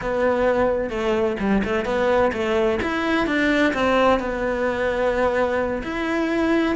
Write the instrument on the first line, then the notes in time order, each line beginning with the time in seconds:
cello
0.01 B3
0.90 A3
1.39 G3
1.64 A3
1.85 B3
2.32 A3
2.82 E4
3.26 D4
3.73 C4
4.19 B3
5.83 E4